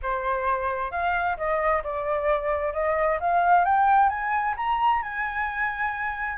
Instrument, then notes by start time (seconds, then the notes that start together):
flute
0.02 C5
0.91 F5
1.37 D#5
1.83 D5
2.73 D#5
3.20 F5
3.64 G5
4.09 G#5
4.56 A#5
5.02 G#5